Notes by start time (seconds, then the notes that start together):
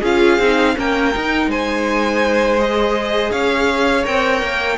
0.00 C#4 F4 G#4 F5
0.39 C4 D#4
0.76 A#3 C#4 A#4 G5
1.14 D#4
1.47 G#3 C5 G#5
2.58 G#4 D#5
3.32 C#4 C#5 F5
4.04 C4 A#4 G5
4.42 A#3